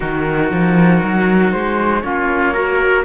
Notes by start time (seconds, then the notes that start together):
0.00 D#3 D#4 F#4 A#4
0.51 F3
1.03 F#3
1.52 G#3 C5
2.01 A#3 C#4 F4 C#5
2.53 F#4 A#4